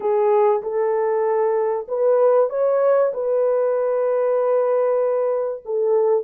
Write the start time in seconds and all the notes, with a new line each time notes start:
0.00 G#4
0.62 A4
1.88 B4
2.49 C#5
3.13 B4
5.65 A4